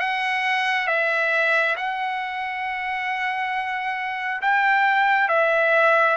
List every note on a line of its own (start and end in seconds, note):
0.00 0.87 F#5
0.87 1.76 E5
1.77 4.42 F#5
4.42 5.29 G5
5.29 6.17 E5